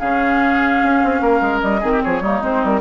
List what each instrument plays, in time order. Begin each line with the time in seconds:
0.00 bassoon C#3, clarinet C#4, oboe G#4, flute F5
0.84 bassoon C#4
1.04 bassoon C4
1.21 bassoon A#3, oboe A#4
1.41 bassoon G#3
1.61 bassoon G3, flute D#5
1.81 bassoon D#3, clarinet C4, oboe G#4
1.92 oboe G4
2.03 bassoon F3, oboe G#4, flute C#5
2.21 bassoon G3, clarinet A#3, oboe D#4
2.42 bassoon G#3, clarinet C4, flute C5
2.64 bassoon G3, flute A#4